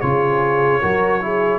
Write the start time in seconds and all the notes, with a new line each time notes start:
0.00 C#3 F4 G#4 C#5
0.81 F#3 F#4 A#4
1.21 E4 G#4